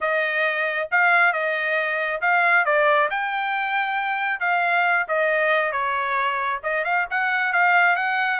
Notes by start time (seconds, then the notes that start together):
0.00 D#5
0.91 F5
1.32 D#5
2.21 F5
2.65 D5
3.10 G5
4.40 F5
5.08 D#5
5.72 C#5
6.63 D#5
6.84 F5
7.10 F#5
7.52 F5
7.96 F#5